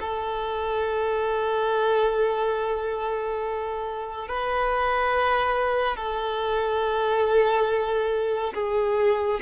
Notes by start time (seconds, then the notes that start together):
0.00 A4
4.28 B4
5.96 A4
8.54 G#4